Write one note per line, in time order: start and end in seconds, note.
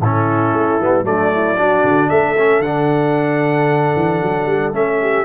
0.00 0.53 A2
0.00 0.80 C#4
0.00 1.06 E4
0.00 1.06 A4
0.53 0.79 A3
0.80 1.03 G3
0.80 1.03 B3
1.03 1.82 F#3
1.03 1.56 A3
1.03 1.33 D4
1.03 2.09 D5
1.33 1.59 E4
1.57 2.36 D4
1.57 2.10 F#4
1.83 2.10 D3
2.09 2.59 A3
2.09 4.99 A4
2.09 2.62 E5
2.37 2.64 C#4
2.59 3.91 D3
2.59 4.73 D4
2.59 4.72 F#5
3.96 4.22 E3
4.22 4.46 F#3
4.46 4.72 G3
4.72 5.25 A3
4.72 5.25 C#4
4.72 5.25 E5
5.01 5.25 G4